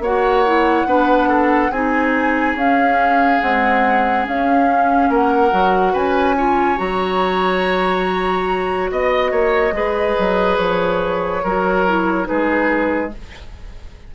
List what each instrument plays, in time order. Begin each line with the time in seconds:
0.00 bassoon A#3, clarinet F#4, oboe C#5, flute F#5
0.46 clarinet E4
0.86 bassoon B3, clarinet D4, oboe B4
1.29 oboe A4
1.71 bassoon C4, clarinet D#4, oboe G#4, flute G#5
2.55 bassoon C#4, clarinet C#4, flute F5
3.40 clarinet G#3, bassoon C4, flute F#5
4.24 clarinet C#4, bassoon C#4, flute F5
5.10 bassoon A#3, oboe A#4, flute F#5
5.51 bassoon F#3, clarinet F#4
5.93 bassoon C#4, oboe B4, flute G#5
6.37 clarinet F4, oboe C#5
6.77 bassoon F#3, clarinet F#4, flute A#5
8.91 bassoon B3, flute D#5, oboe D#5
9.32 bassoon A#3, oboe C#5
9.72 bassoon G#3, clarinet G#4, oboe B4
10.19 bassoon F#3
10.58 bassoon F3, flute C#5
11.43 bassoon F#3, clarinet F#4, oboe A#4
11.87 clarinet E4
12.24 clarinet D#4, oboe G#4, flute B4
12.30 bassoon G#3